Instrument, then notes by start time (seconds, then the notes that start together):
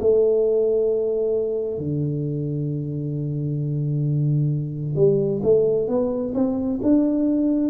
tuba
0.00 A3
1.78 D3
4.96 G3
5.43 A3
5.88 B3
6.35 C4
6.83 D4